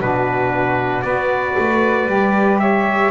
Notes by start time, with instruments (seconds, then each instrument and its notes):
0.00 double bass B2, saxophone D4, flute F#4, trumpet B4
1.02 double bass B3, saxophone F#4, flute B4, trumpet D5
1.58 double bass A3
2.06 double bass G3, saxophone G4
2.59 flute C#5, trumpet E5